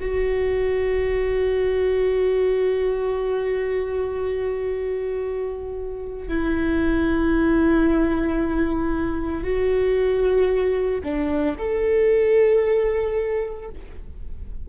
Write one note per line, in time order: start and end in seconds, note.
0.00 6.28 F#4
6.28 9.44 E4
9.44 11.01 F#4
11.03 11.56 D4
11.58 13.69 A4